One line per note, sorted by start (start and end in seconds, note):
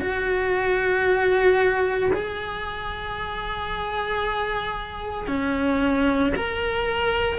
0.00 2.11 F#4
2.13 5.28 G#4
5.28 6.33 C#4
6.35 7.39 A#4